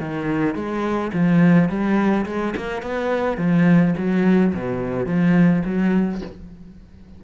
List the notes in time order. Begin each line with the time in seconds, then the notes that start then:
0.00 D#3
0.55 G#3
1.13 F3
1.69 G3
2.26 G#3
2.57 A#3
2.83 B3
3.38 F3
3.98 F#3
4.54 B2
5.06 F3
5.65 F#3